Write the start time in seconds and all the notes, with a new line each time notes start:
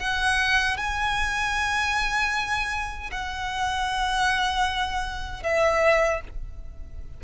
0.00 F#5
0.78 G#5
3.12 F#5
5.44 E5